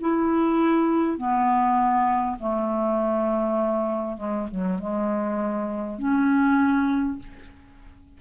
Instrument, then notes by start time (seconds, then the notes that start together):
clarinet
0.00 E4
1.17 B3
2.39 A3
4.17 G#3
4.51 F#3
4.79 G#3
5.98 C#4